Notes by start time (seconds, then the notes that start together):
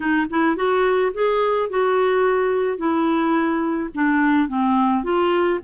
0.00 D#4
0.30 E4
0.56 F#4
1.13 G#4
1.69 F#4
2.77 E4
3.94 D4
4.48 C4
5.03 F4